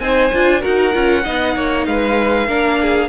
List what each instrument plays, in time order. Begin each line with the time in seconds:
0.00 cello C4, viola D#4, violin C5 G#5
0.34 cello D4, viola F4
0.61 cello D#4, viola F#4, violin A#4 F#5
0.93 cello C#4, viola F4
1.24 cello B3, viola D#4, violin D#5
1.56 cello A#3, violin C#5
1.86 cello G#3, violin B4 F5
2.48 cello A#3, viola D4, violin A#4
2.81 violin G#4